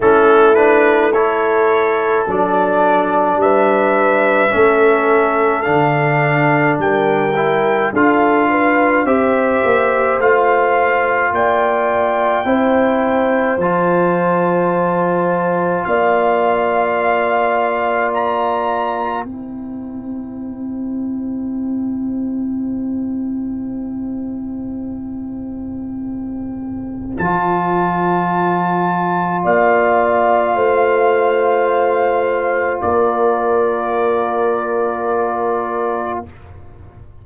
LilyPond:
<<
  \new Staff \with { instrumentName = "trumpet" } { \time 4/4 \tempo 4 = 53 a'8 b'8 cis''4 d''4 e''4~ | e''4 f''4 g''4 f''4 | e''4 f''4 g''2 | a''2 f''2 |
ais''4 g''2.~ | g''1 | a''2 f''2~ | f''4 d''2. | }
  \new Staff \with { instrumentName = "horn" } { \time 4/4 e'4 a'2 b'4 | a'2 ais'4 a'8 b'8 | c''2 d''4 c''4~ | c''2 d''2~ |
d''4 c''2.~ | c''1~ | c''2 d''4 c''4~ | c''4 ais'2. | }
  \new Staff \with { instrumentName = "trombone" } { \time 4/4 cis'8 d'8 e'4 d'2 | cis'4 d'4. e'8 f'4 | g'4 f'2 e'4 | f'1~ |
f'4 e'2.~ | e'1 | f'1~ | f'1 | }
  \new Staff \with { instrumentName = "tuba" } { \time 4/4 a2 fis4 g4 | a4 d4 g4 d'4 | c'8 ais8 a4 ais4 c'4 | f2 ais2~ |
ais4 c'2.~ | c'1 | f2 ais4 a4~ | a4 ais2. | }
>>